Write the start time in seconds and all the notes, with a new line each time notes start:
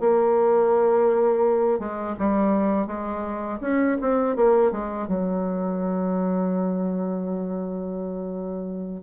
0.00 A#3
1.79 G#3
2.19 G3
2.87 G#3
3.61 C#4
4.01 C4
4.36 A#3
4.72 G#3
5.07 F#3